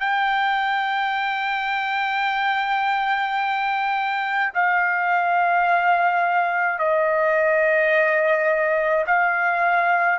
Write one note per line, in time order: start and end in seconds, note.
0.00 4.53 G5
4.54 6.79 F5
6.79 9.06 D#5
9.07 10.19 F5